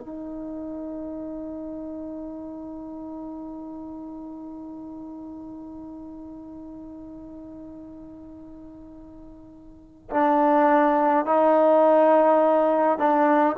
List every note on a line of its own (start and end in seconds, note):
0.00 10.10 D#4
10.11 11.26 D4
11.26 12.99 D#4
12.99 13.56 D4